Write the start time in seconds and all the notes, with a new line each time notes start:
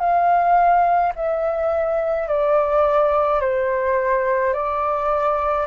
0.00 F5
1.16 E5
2.28 D5
3.41 C5
4.54 D5